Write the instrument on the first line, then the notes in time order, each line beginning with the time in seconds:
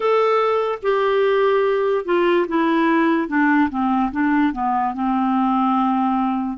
clarinet
0.00 A4
0.82 G4
2.05 F4
2.48 E4
3.28 D4
3.70 C4
4.11 D4
4.52 B3
4.94 C4